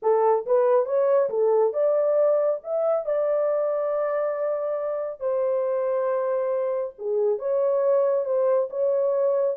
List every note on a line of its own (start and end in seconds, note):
0.02 0.45 A4
0.46 0.85 B4
0.85 1.29 C#5
1.29 1.73 A4
1.73 2.60 D5
2.63 3.05 E5
3.05 5.20 D5
5.20 6.93 C5
6.98 7.39 G#4
7.39 8.25 C#5
8.25 8.69 C5
8.70 9.56 C#5